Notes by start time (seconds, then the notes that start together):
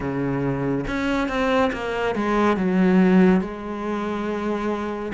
0.00 C#3
0.86 C#4
1.28 C4
1.73 A#3
2.15 G#3
2.56 F#3
3.41 G#3